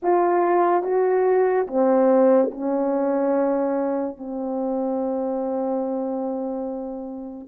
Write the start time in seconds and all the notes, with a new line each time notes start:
0.02 F4
0.83 F#4
1.67 C4
2.51 C#4
4.17 C4